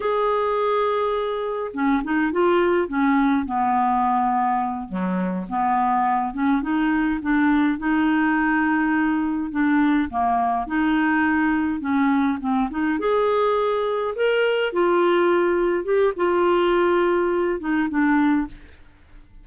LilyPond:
\new Staff \with { instrumentName = "clarinet" } { \time 4/4 \tempo 4 = 104 gis'2. cis'8 dis'8 | f'4 cis'4 b2~ | b8 fis4 b4. cis'8 dis'8~ | dis'8 d'4 dis'2~ dis'8~ |
dis'8 d'4 ais4 dis'4.~ | dis'8 cis'4 c'8 dis'8 gis'4.~ | gis'8 ais'4 f'2 g'8 | f'2~ f'8 dis'8 d'4 | }